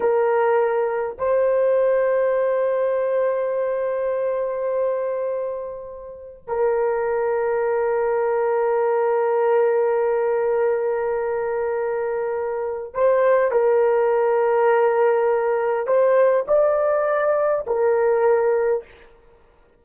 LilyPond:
\new Staff \with { instrumentName = "horn" } { \time 4/4 \tempo 4 = 102 ais'2 c''2~ | c''1~ | c''2. ais'4~ | ais'1~ |
ais'1~ | ais'2 c''4 ais'4~ | ais'2. c''4 | d''2 ais'2 | }